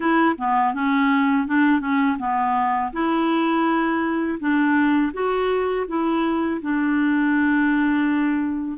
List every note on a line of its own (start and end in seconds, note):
0.00 0.35 E4
0.38 0.74 B3
0.74 1.47 C#4
1.47 1.80 D4
1.80 2.17 C#4
2.18 2.91 B3
2.92 4.39 E4
4.39 5.12 D4
5.13 5.86 F#4
5.87 6.61 E4
6.61 8.77 D4